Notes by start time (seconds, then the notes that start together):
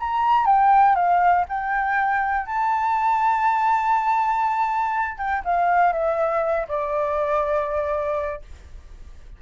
0.00 A#5
0.46 G5
0.96 F5
1.49 G5
2.47 A5
5.18 G5
5.45 F5
5.93 E5
6.69 D5